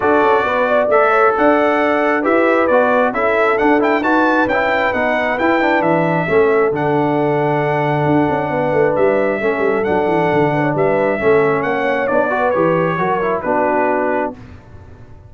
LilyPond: <<
  \new Staff \with { instrumentName = "trumpet" } { \time 4/4 \tempo 4 = 134 d''2 e''4 fis''4~ | fis''4 e''4 d''4 e''4 | fis''8 g''8 a''4 g''4 fis''4 | g''4 e''2 fis''4~ |
fis''1 | e''2 fis''2 | e''2 fis''4 d''4 | cis''2 b'2 | }
  \new Staff \with { instrumentName = "horn" } { \time 4/4 a'4 b'8 d''4 cis''8 d''4~ | d''4 b'2 a'4~ | a'4 b'2.~ | b'2 a'2~ |
a'2. b'4~ | b'4 a'2~ a'8 b'16 cis''16 | b'4 a'4 cis''4. b'8~ | b'4 ais'4 fis'2 | }
  \new Staff \with { instrumentName = "trombone" } { \time 4/4 fis'2 a'2~ | a'4 g'4 fis'4 e'4 | d'8 e'8 fis'4 e'4 dis'4 | e'8 d'4. cis'4 d'4~ |
d'1~ | d'4 cis'4 d'2~ | d'4 cis'2 d'8 fis'8 | g'4 fis'8 e'8 d'2 | }
  \new Staff \with { instrumentName = "tuba" } { \time 4/4 d'8 cis'8 b4 a4 d'4~ | d'4 e'4 b4 cis'4 | d'4 dis'4 cis'4 b4 | e'4 e4 a4 d4~ |
d2 d'8 cis'8 b8 a8 | g4 a8 g8 fis8 e8 d4 | g4 a4 ais4 b4 | e4 fis4 b2 | }
>>